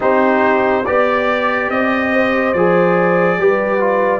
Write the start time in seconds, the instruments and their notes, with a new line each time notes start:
0.00 tuba C4, trombone D#4, horn G4, trumpet C5
0.83 tuba B3, trombone G4, horn D5, trumpet D5
1.69 tuba C4, trumpet D#5
2.12 horn C5
2.52 tuba F3, trombone G#4, trumpet D5
3.37 tuba G3, trombone G4, horn B4
3.80 trombone F4